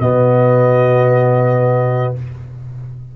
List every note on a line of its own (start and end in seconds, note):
0.00 2.14 B2
0.00 2.16 B3
0.00 2.16 F#4
0.00 2.15 D#5